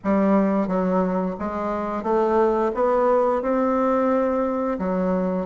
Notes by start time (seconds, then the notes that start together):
0.04 G3
0.67 F#3
1.39 G#3
2.03 A3
2.74 B3
3.42 C4
4.79 F#3